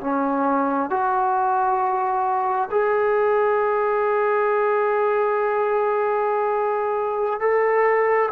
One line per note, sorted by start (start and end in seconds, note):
0.00 0.90 C#4
0.90 2.69 F#4
2.71 7.40 G#4
7.40 8.29 A4